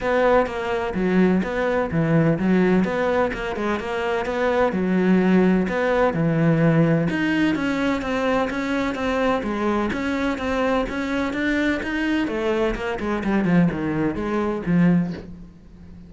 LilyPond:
\new Staff \with { instrumentName = "cello" } { \time 4/4 \tempo 4 = 127 b4 ais4 fis4 b4 | e4 fis4 b4 ais8 gis8 | ais4 b4 fis2 | b4 e2 dis'4 |
cis'4 c'4 cis'4 c'4 | gis4 cis'4 c'4 cis'4 | d'4 dis'4 a4 ais8 gis8 | g8 f8 dis4 gis4 f4 | }